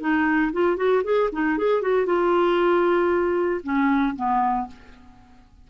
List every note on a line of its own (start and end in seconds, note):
0.00 0.52 D#4
0.52 0.77 F4
0.77 1.03 F#4
1.04 1.30 G#4
1.32 1.58 D#4
1.58 1.82 G#4
1.82 2.05 F#4
2.05 3.61 F4
3.63 4.15 C#4
4.15 4.67 B3